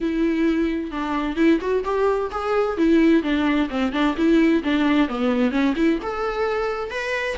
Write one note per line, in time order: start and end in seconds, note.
0.00 0.91 E4
0.91 1.36 D4
1.36 1.59 E4
1.60 1.83 F#4
1.84 2.30 G4
2.31 2.77 G#4
2.77 3.22 E4
3.22 3.68 D4
3.69 3.92 C4
3.92 4.15 D4
4.16 4.62 E4
4.63 5.08 D4
5.08 5.51 B3
5.51 5.74 C#4
5.76 5.99 E4
6.02 6.90 A4
6.90 7.36 B4